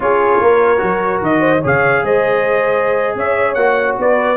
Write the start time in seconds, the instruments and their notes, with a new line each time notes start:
0.00 tuba C#4, trombone F4, horn G#4, trumpet C#5
0.41 tuba A#3, horn A#4
0.77 tuba F#3, trombone F#4
1.21 tuba D#3, trumpet D#5
1.40 horn C5
1.60 tuba C#3, trombone G#4, horn C#5
1.66 trumpet F5
2.03 tuba G#3, horn C5, trumpet D#5
3.15 tuba C#4, horn C#5, trumpet E5
3.54 tuba A#3, trombone F#4, trumpet F#5
3.98 tuba B3, horn B4, trumpet D5